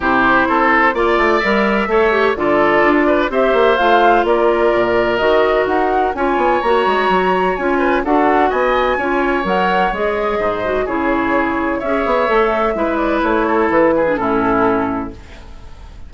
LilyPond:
<<
  \new Staff \with { instrumentName = "flute" } { \time 4/4 \tempo 4 = 127 c''2 d''4 e''4~ | e''4 d''2 e''4 | f''4 d''2 dis''4 | fis''4 gis''4 ais''2 |
gis''4 fis''4 gis''2 | fis''4 dis''2 cis''4~ | cis''4 e''2~ e''8 d''8 | cis''4 b'4 a'2 | }
  \new Staff \with { instrumentName = "oboe" } { \time 4/4 g'4 a'4 d''2 | cis''4 a'4. b'8 c''4~ | c''4 ais'2.~ | ais'4 cis''2.~ |
cis''8 b'8 a'4 dis''4 cis''4~ | cis''2 c''4 gis'4~ | gis'4 cis''2 b'4~ | b'8 a'4 gis'8 e'2 | }
  \new Staff \with { instrumentName = "clarinet" } { \time 4/4 e'2 f'4 ais'4 | a'8 g'8 f'2 g'4 | f'2. fis'4~ | fis'4 f'4 fis'2 |
f'4 fis'2 f'4 | ais'4 gis'4. fis'8 e'4~ | e'4 gis'4 a'4 e'4~ | e'4.~ e'16 d'16 cis'2 | }
  \new Staff \with { instrumentName = "bassoon" } { \time 4/4 c4 c'4 ais8 a8 g4 | a4 d4 d'4 c'8 ais8 | a4 ais4 ais,4 dis4 | dis'4 cis'8 b8 ais8 gis8 fis4 |
cis'4 d'4 b4 cis'4 | fis4 gis4 gis,4 cis4~ | cis4 cis'8 b8 a4 gis4 | a4 e4 a,2 | }
>>